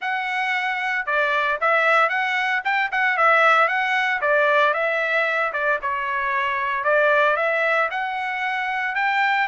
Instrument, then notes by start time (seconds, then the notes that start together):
trumpet
0.01 F#5
1.06 D5
1.61 E5
2.09 F#5
2.64 G5
2.91 F#5
3.17 E5
3.68 F#5
4.21 D5
4.73 E5
5.53 D5
5.82 C#5
6.83 D5
7.36 E5
7.90 F#5
8.95 G5